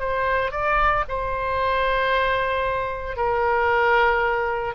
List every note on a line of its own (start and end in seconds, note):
0.00 0.52 C5
0.52 1.04 D5
1.09 3.17 C5
3.17 4.75 A#4